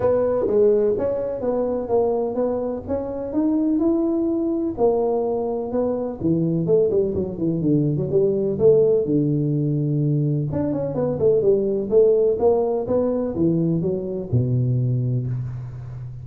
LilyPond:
\new Staff \with { instrumentName = "tuba" } { \time 4/4 \tempo 4 = 126 b4 gis4 cis'4 b4 | ais4 b4 cis'4 dis'4 | e'2 ais2 | b4 e4 a8 g8 fis8 e8 |
d8. fis16 g4 a4 d4~ | d2 d'8 cis'8 b8 a8 | g4 a4 ais4 b4 | e4 fis4 b,2 | }